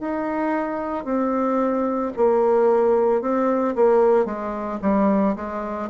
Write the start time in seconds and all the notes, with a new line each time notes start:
0.00 D#4
1.04 C4
2.17 A#3
3.21 C4
3.75 A#3
4.25 G#3
4.82 G3
5.36 G#3